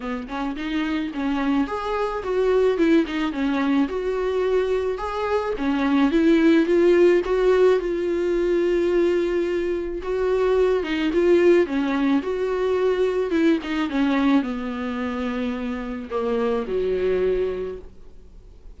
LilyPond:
\new Staff \with { instrumentName = "viola" } { \time 4/4 \tempo 4 = 108 b8 cis'8 dis'4 cis'4 gis'4 | fis'4 e'8 dis'8 cis'4 fis'4~ | fis'4 gis'4 cis'4 e'4 | f'4 fis'4 f'2~ |
f'2 fis'4. dis'8 | f'4 cis'4 fis'2 | e'8 dis'8 cis'4 b2~ | b4 ais4 fis2 | }